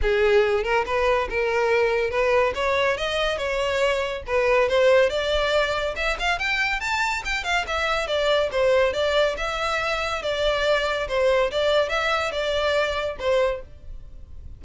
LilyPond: \new Staff \with { instrumentName = "violin" } { \time 4/4 \tempo 4 = 141 gis'4. ais'8 b'4 ais'4~ | ais'4 b'4 cis''4 dis''4 | cis''2 b'4 c''4 | d''2 e''8 f''8 g''4 |
a''4 g''8 f''8 e''4 d''4 | c''4 d''4 e''2 | d''2 c''4 d''4 | e''4 d''2 c''4 | }